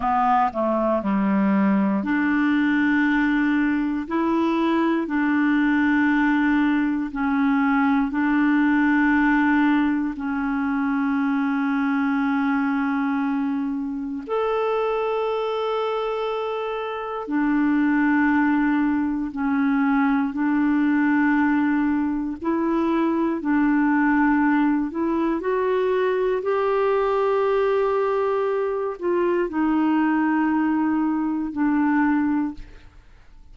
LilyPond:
\new Staff \with { instrumentName = "clarinet" } { \time 4/4 \tempo 4 = 59 b8 a8 g4 d'2 | e'4 d'2 cis'4 | d'2 cis'2~ | cis'2 a'2~ |
a'4 d'2 cis'4 | d'2 e'4 d'4~ | d'8 e'8 fis'4 g'2~ | g'8 f'8 dis'2 d'4 | }